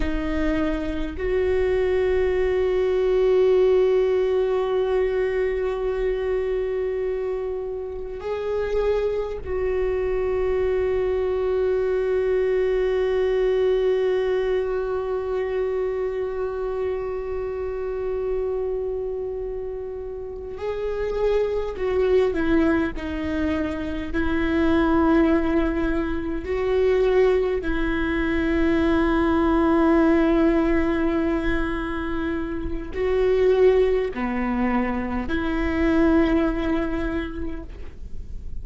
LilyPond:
\new Staff \with { instrumentName = "viola" } { \time 4/4 \tempo 4 = 51 dis'4 fis'2.~ | fis'2. gis'4 | fis'1~ | fis'1~ |
fis'4. gis'4 fis'8 e'8 dis'8~ | dis'8 e'2 fis'4 e'8~ | e'1 | fis'4 b4 e'2 | }